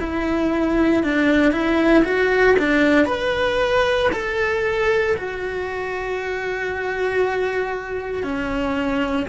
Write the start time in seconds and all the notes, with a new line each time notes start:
0.00 E4
1.03 D4
1.52 E4
2.05 F#4
2.59 D4
3.06 B4
4.12 A4
5.17 F#4
8.23 C#4